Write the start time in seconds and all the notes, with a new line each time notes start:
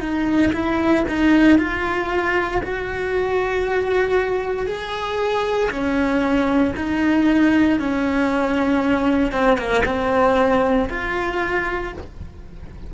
0.00 D#4
0.53 E4
1.08 D#4
1.58 F4
2.63 F#4
4.66 G#4
5.70 C#4
6.76 D#4
7.79 C#4
9.32 C4
9.57 A#3
9.85 C4
10.89 F4